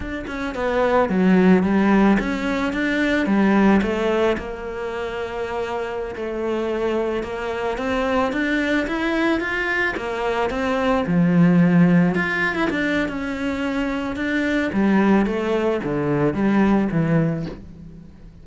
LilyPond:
\new Staff \with { instrumentName = "cello" } { \time 4/4 \tempo 4 = 110 d'8 cis'8 b4 fis4 g4 | cis'4 d'4 g4 a4 | ais2.~ ais16 a8.~ | a4~ a16 ais4 c'4 d'8.~ |
d'16 e'4 f'4 ais4 c'8.~ | c'16 f2 f'8. e'16 d'8. | cis'2 d'4 g4 | a4 d4 g4 e4 | }